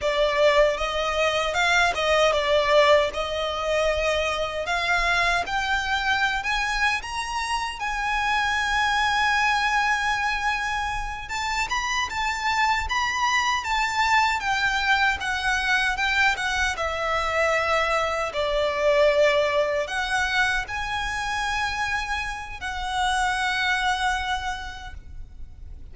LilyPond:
\new Staff \with { instrumentName = "violin" } { \time 4/4 \tempo 4 = 77 d''4 dis''4 f''8 dis''8 d''4 | dis''2 f''4 g''4~ | g''16 gis''8. ais''4 gis''2~ | gis''2~ gis''8 a''8 b''8 a''8~ |
a''8 b''4 a''4 g''4 fis''8~ | fis''8 g''8 fis''8 e''2 d''8~ | d''4. fis''4 gis''4.~ | gis''4 fis''2. | }